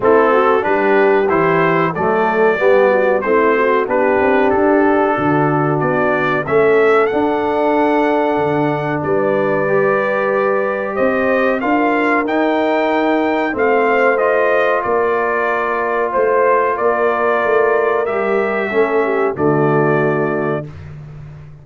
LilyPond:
<<
  \new Staff \with { instrumentName = "trumpet" } { \time 4/4 \tempo 4 = 93 a'4 b'4 c''4 d''4~ | d''4 c''4 b'4 a'4~ | a'4 d''4 e''4 fis''4~ | fis''2 d''2~ |
d''4 dis''4 f''4 g''4~ | g''4 f''4 dis''4 d''4~ | d''4 c''4 d''2 | e''2 d''2 | }
  \new Staff \with { instrumentName = "horn" } { \time 4/4 e'8 fis'8 g'2 a'4 | g'8 fis'8 e'8 fis'8 g'2 | fis'2 a'2~ | a'2 b'2~ |
b'4 c''4 ais'2~ | ais'4 c''2 ais'4~ | ais'4 c''4 ais'2~ | ais'4 a'8 g'8 fis'2 | }
  \new Staff \with { instrumentName = "trombone" } { \time 4/4 c'4 d'4 e'4 a4 | b4 c'4 d'2~ | d'2 cis'4 d'4~ | d'2. g'4~ |
g'2 f'4 dis'4~ | dis'4 c'4 f'2~ | f'1 | g'4 cis'4 a2 | }
  \new Staff \with { instrumentName = "tuba" } { \time 4/4 a4 g4 e4 fis4 | g4 a4 b8 c'8 d'4 | d4 b4 a4 d'4~ | d'4 d4 g2~ |
g4 c'4 d'4 dis'4~ | dis'4 a2 ais4~ | ais4 a4 ais4 a4 | g4 a4 d2 | }
>>